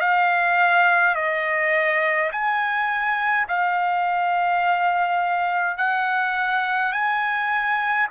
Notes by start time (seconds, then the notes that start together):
0.00 F5
1.15 D#5
2.31 G#5
3.48 F5
5.77 F#5
6.92 G#5